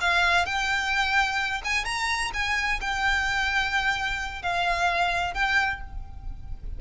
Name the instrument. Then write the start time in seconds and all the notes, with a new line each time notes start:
violin
0.00 F5
0.45 G5
1.64 G#5
1.84 A#5
2.33 G#5
2.81 G5
4.42 F5
5.34 G5